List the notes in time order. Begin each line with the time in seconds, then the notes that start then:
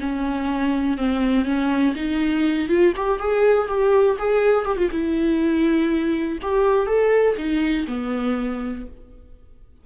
0.00 C#4
0.97 C4
1.45 C#4
1.95 D#4
2.68 F4
2.96 G4
3.19 G#4
3.68 G4
4.18 G#4
4.65 G4
4.77 F4
4.91 E4
6.42 G4
6.87 A4
7.37 D#4
7.87 B3